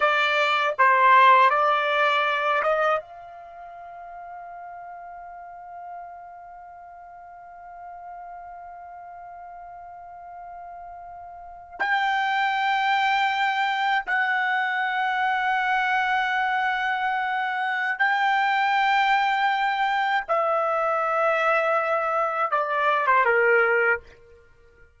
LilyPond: \new Staff \with { instrumentName = "trumpet" } { \time 4/4 \tempo 4 = 80 d''4 c''4 d''4. dis''8 | f''1~ | f''1~ | f''2.~ f''8. g''16~ |
g''2~ g''8. fis''4~ fis''16~ | fis''1 | g''2. e''4~ | e''2 d''8. c''16 ais'4 | }